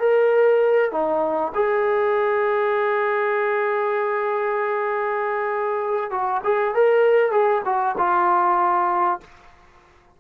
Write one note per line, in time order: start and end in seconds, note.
0.00 0.92 A#4
0.92 1.53 D#4
1.55 6.11 G#4
6.11 6.42 F#4
6.44 6.75 G#4
6.75 7.32 A#4
7.32 7.62 G#4
7.65 7.96 F#4
7.98 9.21 F4